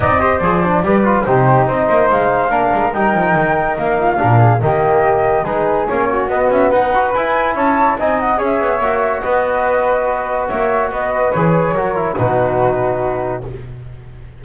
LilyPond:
<<
  \new Staff \with { instrumentName = "flute" } { \time 4/4 \tempo 4 = 143 dis''4 d''2 c''4 | dis''4 f''2 g''4~ | g''4 f''2 dis''4~ | dis''4 b'4 cis''4 dis''8 e''8 |
fis''4 gis''4 a''4 gis''8 fis''8 | e''2 dis''2~ | dis''4 e''4 dis''4 cis''4~ | cis''4 b'2. | }
  \new Staff \with { instrumentName = "flute" } { \time 4/4 d''8 c''4. b'4 g'4 | c''2 ais'2~ | ais'4. f'8 ais'8 gis'8 g'4~ | g'4 gis'4. fis'4. |
b'2 cis''4 dis''4 | cis''2 b'2~ | b'4 cis''4 b'2 | ais'4 fis'2. | }
  \new Staff \with { instrumentName = "trombone" } { \time 4/4 dis'8 g'8 gis'8 d'8 g'8 f'8 dis'4~ | dis'2 d'4 dis'4~ | dis'2 d'4 ais4~ | ais4 dis'4 cis'4 b4~ |
b8 fis'8 e'2 dis'4 | gis'4 fis'2.~ | fis'2. gis'4 | fis'8 e'8 dis'2. | }
  \new Staff \with { instrumentName = "double bass" } { \time 4/4 c'4 f4 g4 c4 | c'8 ais8 gis4 ais8 gis8 g8 f8 | dis4 ais4 ais,4 dis4~ | dis4 gis4 ais4 b8 cis'8 |
dis'4 e'4 cis'4 c'4 | cis'8 b8 ais4 b2~ | b4 ais4 b4 e4 | fis4 b,2. | }
>>